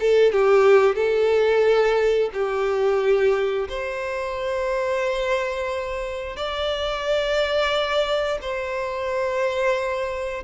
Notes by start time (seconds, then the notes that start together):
0.00 A4
0.32 G4
0.95 A4
2.33 G4
3.69 C5
6.36 D5
8.41 C5